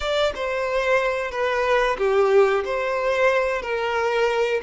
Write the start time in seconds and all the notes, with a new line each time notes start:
0.00 D5
0.35 C5
1.31 B4
1.98 G4
2.64 C5
3.61 A#4